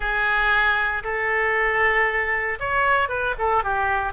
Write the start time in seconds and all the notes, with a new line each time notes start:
0.00 G#4
1.03 A4
2.59 C#5
3.08 B4
3.38 A4
3.63 G4